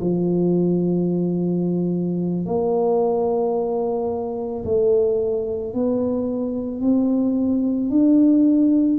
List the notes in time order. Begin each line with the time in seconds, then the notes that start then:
0.00 F3
2.45 A#3
4.65 A3
5.74 B3
6.81 C4
7.90 D4